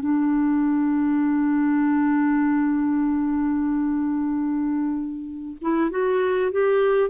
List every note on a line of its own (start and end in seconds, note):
0.00 5.57 D4
5.62 5.90 E4
5.90 6.52 F#4
6.52 7.10 G4